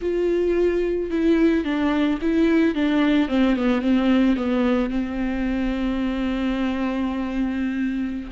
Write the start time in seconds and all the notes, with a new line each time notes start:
0.01 F4
1.10 E4
1.64 D4
2.21 E4
2.74 D4
3.28 C4
3.56 B3
3.81 C4
4.36 B3
4.90 C4